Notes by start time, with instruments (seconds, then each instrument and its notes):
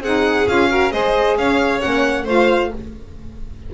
0.00 double bass C4, saxophone D#4, violin G#4 F#5
0.47 double bass C#4, saxophone F4, violin F5
0.69 saxophone F#4, violin A#4
0.90 double bass G#3, saxophone G#4, violin C5 D#5
1.36 double bass C#4, violin C#5 F5
1.80 double bass A#3, saxophone C#4, violin F#5
2.25 double bass A3, saxophone F4, violin C5 F5